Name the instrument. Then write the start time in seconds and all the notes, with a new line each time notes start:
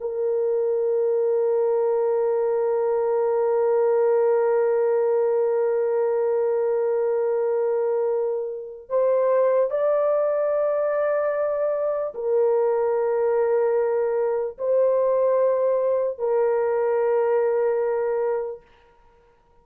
horn
0.00 A#4
8.89 C5
9.70 D5
12.14 A#4
14.58 C5
16.18 A#4